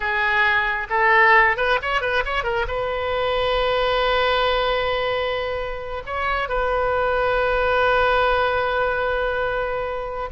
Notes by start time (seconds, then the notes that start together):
0.00 G#4
0.89 A4
1.56 B4
1.82 C#5
2.01 B4
2.25 C#5
2.43 A#4
2.67 B4
6.06 C#5
6.48 B4